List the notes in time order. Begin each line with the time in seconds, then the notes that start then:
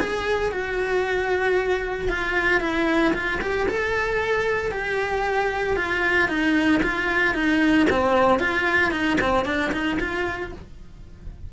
0.00 G#4
0.52 F#4
2.08 F4
2.60 E4
3.13 F4
3.41 G4
3.68 A4
4.71 G4
5.76 F4
6.28 D#4
6.83 F4
7.34 D#4
7.90 C4
8.39 F4
8.91 D#4
9.21 C4
9.45 D4
9.72 D#4
10.00 F4